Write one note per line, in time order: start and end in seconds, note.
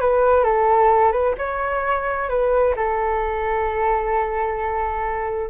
0.00 0.44 B4
0.44 1.11 A4
1.11 1.34 B4
1.37 2.29 C#5
2.29 2.74 B4
2.76 5.50 A4